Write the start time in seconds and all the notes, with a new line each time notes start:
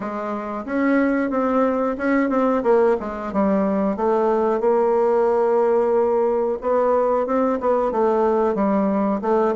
0.00 G#3
0.65 C#4
1.30 C4
1.97 C#4
2.29 C4
2.63 A#3
3.00 G#3
3.33 G3
3.96 A3
4.60 A#3
6.61 B3
7.26 C4
7.60 B3
7.91 A3
8.54 G3
9.21 A3